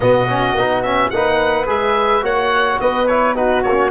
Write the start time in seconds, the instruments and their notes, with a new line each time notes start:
0.00 tuba B2, trombone B3, flute F#4, oboe D#5
0.28 trombone C#4
0.54 tuba B3, trombone D#4
0.82 trombone C#4, oboe E5
1.09 tuba A#3, trombone D#4, flute B4, oboe F#5
1.66 tuba G#3, trombone G#4, oboe E5
2.21 tuba A#3, trombone F#4, flute C#5, oboe F#5
2.80 tuba B3, flute B4, oboe D#5
3.06 trombone E4, oboe C#5
3.35 trombone D#4, flute F#4, oboe B4
3.62 tuba A#3, oboe C#5
3.68 trombone C#4